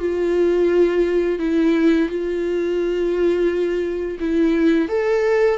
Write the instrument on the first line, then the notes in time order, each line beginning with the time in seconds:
viola
0.00 F4
1.40 E4
2.09 F4
4.20 E4
4.89 A4